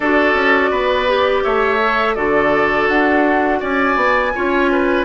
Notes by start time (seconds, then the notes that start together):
0.00 D4 F#4 A4 D5
0.34 C#4
0.70 B3 B4
1.07 G4
1.43 A3 C#5 E5
1.83 A4
2.14 D3 F#4 A4 D5
2.88 D4 F#5
3.60 C#4 D5 G#5
3.96 B3
4.35 C#4 F4 C#5
4.71 B4